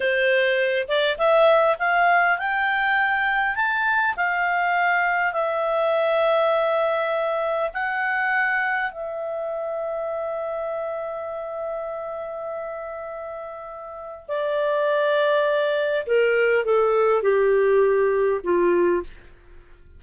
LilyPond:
\new Staff \with { instrumentName = "clarinet" } { \time 4/4 \tempo 4 = 101 c''4. d''8 e''4 f''4 | g''2 a''4 f''4~ | f''4 e''2.~ | e''4 fis''2 e''4~ |
e''1~ | e''1 | d''2. ais'4 | a'4 g'2 f'4 | }